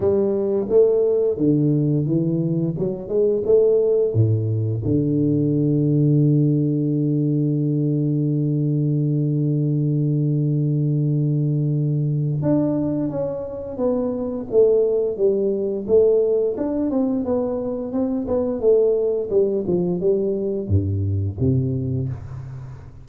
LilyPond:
\new Staff \with { instrumentName = "tuba" } { \time 4/4 \tempo 4 = 87 g4 a4 d4 e4 | fis8 gis8 a4 a,4 d4~ | d1~ | d1~ |
d2 d'4 cis'4 | b4 a4 g4 a4 | d'8 c'8 b4 c'8 b8 a4 | g8 f8 g4 g,4 c4 | }